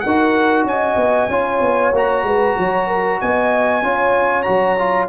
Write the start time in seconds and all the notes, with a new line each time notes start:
0.00 D#4 A#4 F#5
0.07 F#4
0.64 C#4 G#5
0.70 D#5
0.96 B3
1.28 C#4 F4 C#5
1.60 B3
1.93 A#3 F#4 A#5
2.23 G#3 B4
2.57 F#3 C#5
2.87 A#4
3.21 B3 D#5 G#5
3.83 C#4 F4 C#5
4.42 F#3 F#4 A#5
4.78 F4